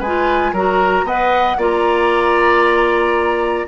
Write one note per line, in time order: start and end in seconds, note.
0.00 0.53 G#3
0.00 0.56 F4
0.00 0.52 B4
0.00 0.54 G#5
0.53 1.04 F#3
0.53 1.07 F#4
0.53 1.06 A#4
0.53 1.08 A#5
1.04 1.56 B3
1.04 1.59 B4
1.04 1.58 D#5
1.04 1.60 F#5
1.58 3.67 A#3
1.58 3.68 F4
1.58 3.67 D5
1.64 3.68 A#5